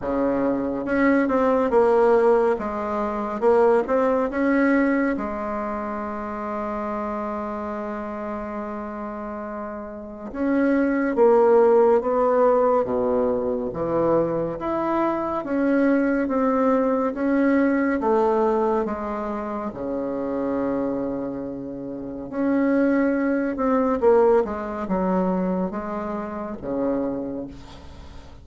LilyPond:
\new Staff \with { instrumentName = "bassoon" } { \time 4/4 \tempo 4 = 70 cis4 cis'8 c'8 ais4 gis4 | ais8 c'8 cis'4 gis2~ | gis1 | cis'4 ais4 b4 b,4 |
e4 e'4 cis'4 c'4 | cis'4 a4 gis4 cis4~ | cis2 cis'4. c'8 | ais8 gis8 fis4 gis4 cis4 | }